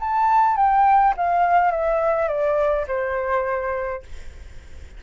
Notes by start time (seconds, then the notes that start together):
0.00 A5
0.56 G5
1.17 F5
1.71 E5
2.28 D5
2.87 C5